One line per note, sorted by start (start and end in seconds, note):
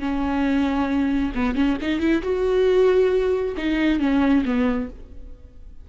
0.00 1.32 C#4
1.35 1.55 B3
1.55 1.77 C#4
1.82 2.01 D#4
2.01 2.23 E4
2.23 3.55 F#4
3.58 4.00 D#4
4.00 4.44 C#4
4.45 4.90 B3